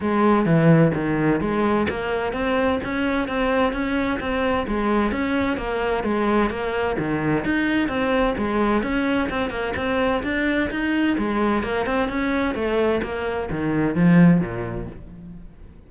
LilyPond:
\new Staff \with { instrumentName = "cello" } { \time 4/4 \tempo 4 = 129 gis4 e4 dis4 gis4 | ais4 c'4 cis'4 c'4 | cis'4 c'4 gis4 cis'4 | ais4 gis4 ais4 dis4 |
dis'4 c'4 gis4 cis'4 | c'8 ais8 c'4 d'4 dis'4 | gis4 ais8 c'8 cis'4 a4 | ais4 dis4 f4 ais,4 | }